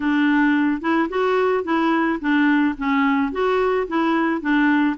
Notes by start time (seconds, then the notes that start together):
0.00 D4
0.81 E4
1.09 F#4
1.64 E4
2.20 D4
2.77 C#4
3.32 F#4
3.87 E4
4.41 D4